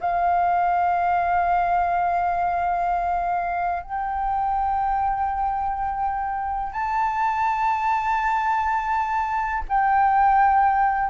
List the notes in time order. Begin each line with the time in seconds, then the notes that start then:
0.00 F5
3.83 G5
6.73 A5
9.68 G5